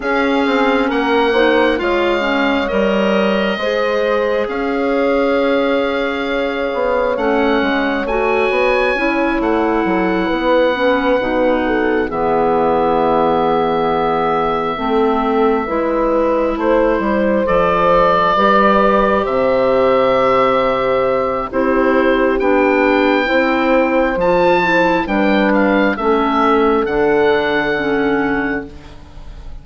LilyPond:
<<
  \new Staff \with { instrumentName = "oboe" } { \time 4/4 \tempo 4 = 67 f''4 fis''4 f''4 dis''4~ | dis''4 f''2. | fis''4 gis''4. fis''4.~ | fis''4. e''2~ e''8~ |
e''2~ e''8 c''4 d''8~ | d''4. e''2~ e''8 | c''4 g''2 a''4 | g''8 f''8 e''4 fis''2 | }
  \new Staff \with { instrumentName = "horn" } { \time 4/4 gis'4 ais'8 c''8 cis''2 | c''4 cis''2.~ | cis''2. a'8 b'8~ | b'4 a'8 gis'2~ gis'8~ |
gis'8 a'4 b'4 c''4.~ | c''8 b'4 c''2~ c''8 | g'2 c''2 | b'4 a'2. | }
  \new Staff \with { instrumentName = "clarinet" } { \time 4/4 cis'4. dis'8 f'8 cis'8 ais'4 | gis'1 | cis'4 fis'4 e'2 | cis'8 dis'4 b2~ b8~ |
b8 c'4 e'2 a'8~ | a'8 g'2.~ g'8 | e'4 d'4 e'4 f'8 e'8 | d'4 cis'4 d'4 cis'4 | }
  \new Staff \with { instrumentName = "bassoon" } { \time 4/4 cis'8 c'8 ais4 gis4 g4 | gis4 cis'2~ cis'8 b8 | a8 gis8 a8 b8 cis'8 a8 fis8 b8~ | b8 b,4 e2~ e8~ |
e8 a4 gis4 a8 g8 f8~ | f8 g4 c2~ c8 | c'4 b4 c'4 f4 | g4 a4 d2 | }
>>